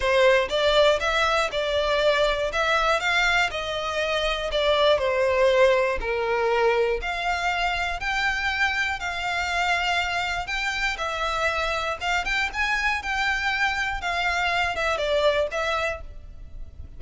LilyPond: \new Staff \with { instrumentName = "violin" } { \time 4/4 \tempo 4 = 120 c''4 d''4 e''4 d''4~ | d''4 e''4 f''4 dis''4~ | dis''4 d''4 c''2 | ais'2 f''2 |
g''2 f''2~ | f''4 g''4 e''2 | f''8 g''8 gis''4 g''2 | f''4. e''8 d''4 e''4 | }